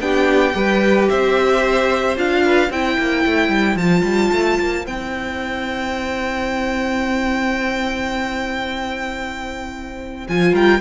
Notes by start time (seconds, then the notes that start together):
0.00 B3 D4 G4 G5
0.54 G3 G4 B4
1.09 C4 C5 E5
2.16 D4 F4 F5
2.46 B4
2.70 C4 E4 C5 G5
2.98 A#3
3.25 A3
3.49 G3
3.75 F3 F4 A5
4.03 G3
4.32 A3
4.60 A#3
4.85 C4 E4 G5
10.28 F3 F4 G#5
10.53 G3 A#4 G5